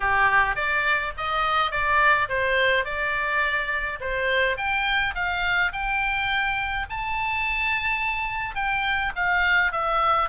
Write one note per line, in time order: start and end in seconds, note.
0.00 0.55 G4
0.55 1.12 D5
1.17 1.71 D#5
1.71 2.28 D5
2.28 2.84 C5
2.84 3.99 D5
4.00 4.57 C5
4.57 5.14 G5
5.14 5.71 F5
5.72 6.86 G5
6.89 8.55 A5
8.55 9.12 G5
9.15 9.72 F5
9.72 10.29 E5